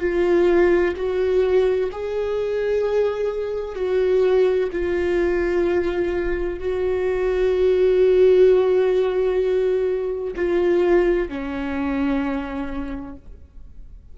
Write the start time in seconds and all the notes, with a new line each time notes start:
0.00 F4
0.96 F#4
1.91 G#4
3.75 F#4
4.72 F4
6.59 F#4
10.36 F4
11.28 C#4